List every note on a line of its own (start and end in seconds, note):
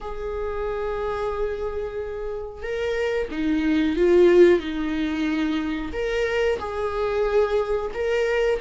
0.00 2.62 G#4
2.62 3.28 A#4
3.31 3.96 D#4
3.96 4.59 F4
4.59 5.91 D#4
5.93 6.58 A#4
6.59 7.91 G#4
7.94 8.60 A#4